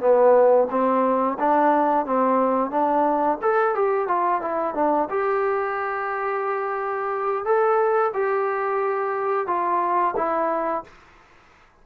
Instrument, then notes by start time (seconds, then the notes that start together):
trombone
0.00 B3
0.70 C4
1.39 D4
2.06 C4
2.70 D4
3.41 A4
3.75 G4
4.08 F4
4.41 E4
4.74 D4
5.09 G4
7.45 A4
8.13 G4
9.47 F4
10.16 E4